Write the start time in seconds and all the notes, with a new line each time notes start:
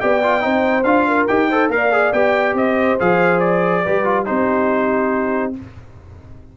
0.00 B3 G4 D5 G5
0.23 F4
0.40 C4 D#4 C5
0.84 D4 F4 F5
1.07 A#4
1.27 D#4 G4 G5
1.49 A4 C5
1.69 A#3 A#4 D5 F5
1.92 G#4
2.13 B3 G4 G5
2.54 C4 C5 D#5
2.99 F3 G#4 F5
3.40 D5
3.84 G3 G4 B4
4.04 F4
4.25 C4 D#4 G4 C5